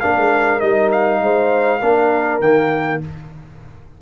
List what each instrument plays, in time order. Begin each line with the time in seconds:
0.00 tuba A#3, trombone D4, horn A#4, trumpet F5
0.17 tuba G#3
0.59 tuba G3, trombone D#4, trumpet D#5
0.91 trumpet F5
1.21 tuba G#3, horn C5
1.79 tuba A#3, trombone D4, horn A#4
2.40 tuba D#3, trombone A#3, trumpet G5